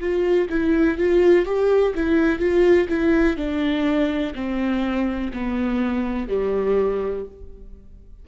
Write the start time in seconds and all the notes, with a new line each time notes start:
0.00 F4
0.50 E4
0.99 F4
1.46 G4
1.95 E4
2.39 F4
2.89 E4
3.37 D4
4.35 C4
5.33 B3
6.29 G3